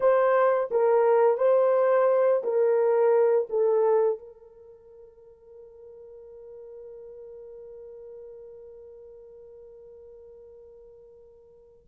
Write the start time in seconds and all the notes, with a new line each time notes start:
0.00 C5
0.70 A#4
1.37 C5
2.43 A#4
3.49 A4
4.18 A#4